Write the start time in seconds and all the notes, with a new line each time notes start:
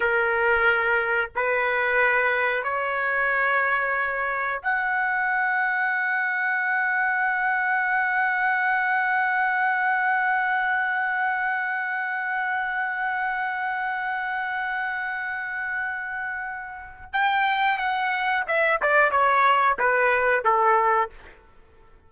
0.00 A#4
1.35 B4
2.63 C#5
4.62 F#5
17.12 G5
17.78 F#5
18.47 E5
18.82 D5
19.11 C#5
19.79 B4
20.44 A4